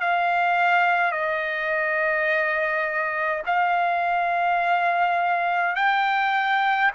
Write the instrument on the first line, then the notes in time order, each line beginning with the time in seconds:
trumpet
0.00 F5
1.11 D#5
3.46 F5
5.75 G5